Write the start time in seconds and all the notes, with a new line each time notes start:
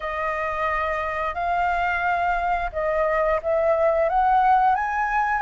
0.00 D#5
1.34 F5
2.72 D#5
3.42 E5
4.09 F#5
4.75 G#5